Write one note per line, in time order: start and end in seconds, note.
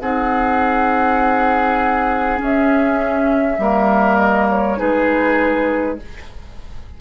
0.00 2.41 C4
0.00 2.37 D#4
0.00 3.61 G#4
0.00 2.40 F#5
2.37 3.57 C#4
2.37 3.58 C#4
2.44 4.17 E5
3.58 4.79 G3
3.58 4.77 A#3
3.58 4.79 A#4
4.17 4.48 D#5
4.49 4.79 C#5
4.77 6.01 G#3
4.77 5.97 D#4
4.77 5.99 G#4
4.77 6.00 B4